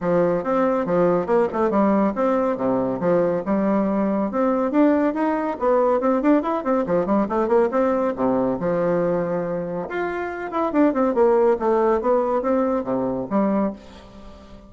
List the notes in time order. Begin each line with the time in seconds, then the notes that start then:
0.00 F3
0.43 C4
0.85 F3
1.26 A#3
1.52 A3
1.70 G3
2.15 C4
2.57 C3
2.99 F3
3.45 G3
4.31 C4
4.71 D4
5.14 D#4
5.59 B3
6.00 C4
6.21 D4
6.42 E4
6.64 C4
6.86 F3
7.06 G3
7.29 A3
7.47 A#3
7.71 C4
8.15 C3
8.59 F3
9.88 F4
10.51 E4
10.72 D4
10.93 C4
11.14 A#3
11.59 A3
12.01 B3
12.41 C4
12.84 C3
13.30 G3